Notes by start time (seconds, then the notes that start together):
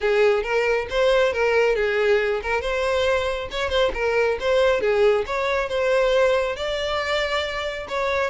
0.00 G#4
0.43 A#4
0.90 C5
1.32 A#4
1.75 G#4
2.42 A#4
2.61 C5
3.51 C#5
3.69 C5
3.94 A#4
4.40 C5
4.81 G#4
5.26 C#5
5.68 C5
6.56 D5
7.88 C#5